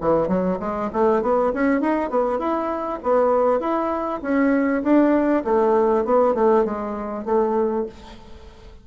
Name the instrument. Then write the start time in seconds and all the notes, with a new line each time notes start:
bassoon
0.00 E3
0.28 F#3
0.60 G#3
0.93 A3
1.22 B3
1.53 C#4
1.80 D#4
2.10 B3
2.39 E4
3.02 B3
3.60 E4
4.22 C#4
4.83 D4
5.44 A3
6.04 B3
6.34 A3
6.64 G#3
7.25 A3